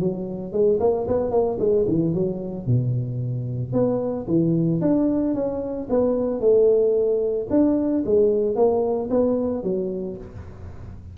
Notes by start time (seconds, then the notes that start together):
0.00 F#3
0.53 G#3
0.80 A#3
1.08 B3
1.31 A#3
1.59 G#3
1.88 E3
2.14 F#3
2.66 B2
3.73 B3
4.27 E3
4.81 D4
5.35 C#4
5.90 B3
6.40 A3
7.50 D4
8.06 G#3
8.56 A#3
9.10 B3
9.63 F#3